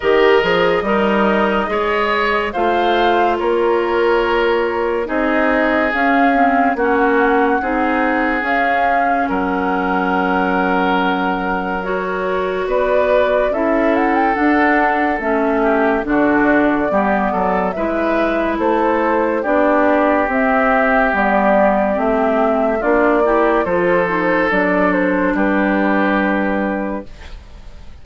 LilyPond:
<<
  \new Staff \with { instrumentName = "flute" } { \time 4/4 \tempo 4 = 71 dis''2. f''4 | cis''2 dis''4 f''4 | fis''2 f''4 fis''4~ | fis''2 cis''4 d''4 |
e''8 fis''16 g''16 fis''4 e''4 d''4~ | d''4 e''4 c''4 d''4 | e''4 d''4 e''4 d''4 | c''4 d''8 c''8 b'2 | }
  \new Staff \with { instrumentName = "oboe" } { \time 4/4 ais'4 dis'4 cis''4 c''4 | ais'2 gis'2 | fis'4 gis'2 ais'4~ | ais'2. b'4 |
a'2~ a'8 g'8 fis'4 | g'8 a'8 b'4 a'4 g'4~ | g'2. f'8 g'8 | a'2 g'2 | }
  \new Staff \with { instrumentName = "clarinet" } { \time 4/4 g'8 gis'8 ais'4 gis'4 f'4~ | f'2 dis'4 cis'8 c'8 | cis'4 dis'4 cis'2~ | cis'2 fis'2 |
e'4 d'4 cis'4 d'4 | b4 e'2 d'4 | c'4 b4 c'4 d'8 e'8 | f'8 dis'8 d'2. | }
  \new Staff \with { instrumentName = "bassoon" } { \time 4/4 dis8 f8 g4 gis4 a4 | ais2 c'4 cis'4 | ais4 c'4 cis'4 fis4~ | fis2. b4 |
cis'4 d'4 a4 d4 | g8 fis8 gis4 a4 b4 | c'4 g4 a4 ais4 | f4 fis4 g2 | }
>>